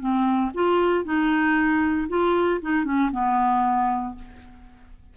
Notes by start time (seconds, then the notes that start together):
0.00 C4
0.54 F4
1.05 D#4
2.09 F4
2.61 D#4
2.85 C#4
3.12 B3